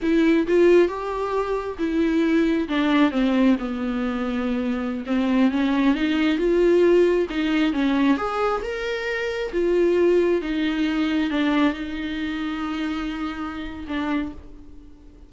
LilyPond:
\new Staff \with { instrumentName = "viola" } { \time 4/4 \tempo 4 = 134 e'4 f'4 g'2 | e'2 d'4 c'4 | b2.~ b16 c'8.~ | c'16 cis'4 dis'4 f'4.~ f'16~ |
f'16 dis'4 cis'4 gis'4 ais'8.~ | ais'4~ ais'16 f'2 dis'8.~ | dis'4~ dis'16 d'4 dis'4.~ dis'16~ | dis'2. d'4 | }